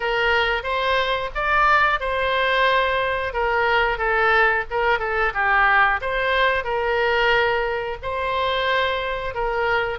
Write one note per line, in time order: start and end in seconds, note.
0.00 0.63 A#4
0.63 1.30 C5
1.35 2.00 D5
2.00 3.33 C5
3.33 3.98 A#4
3.98 4.64 A4
4.70 4.99 A#4
4.99 5.32 A4
5.33 6.00 G4
6.01 6.63 C5
6.63 7.97 A#4
8.02 9.34 C5
9.34 9.98 A#4